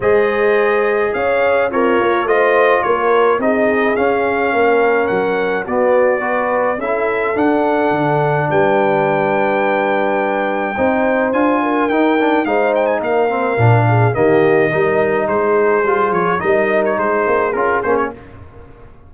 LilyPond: <<
  \new Staff \with { instrumentName = "trumpet" } { \time 4/4 \tempo 4 = 106 dis''2 f''4 cis''4 | dis''4 cis''4 dis''4 f''4~ | f''4 fis''4 d''2 | e''4 fis''2 g''4~ |
g''1 | gis''4 g''4 f''8 g''16 gis''16 f''4~ | f''4 dis''2 c''4~ | c''8 cis''8 dis''8. cis''16 c''4 ais'8 c''16 cis''16 | }
  \new Staff \with { instrumentName = "horn" } { \time 4/4 c''2 cis''4 f'4 | c''4 ais'4 gis'2 | ais'2 fis'4 b'4 | a'2. b'4~ |
b'2. c''4~ | c''8 ais'4. c''4 ais'4~ | ais'8 gis'8 g'4 ais'4 gis'4~ | gis'4 ais'4 gis'2 | }
  \new Staff \with { instrumentName = "trombone" } { \time 4/4 gis'2. ais'4 | f'2 dis'4 cis'4~ | cis'2 b4 fis'4 | e'4 d'2.~ |
d'2. dis'4 | f'4 dis'8 d'8 dis'4. c'8 | d'4 ais4 dis'2 | f'4 dis'2 f'8 cis'8 | }
  \new Staff \with { instrumentName = "tuba" } { \time 4/4 gis2 cis'4 c'8 ais8 | a4 ais4 c'4 cis'4 | ais4 fis4 b2 | cis'4 d'4 d4 g4~ |
g2. c'4 | d'4 dis'4 gis4 ais4 | ais,4 dis4 g4 gis4 | g8 f8 g4 gis8 ais8 cis'8 ais8 | }
>>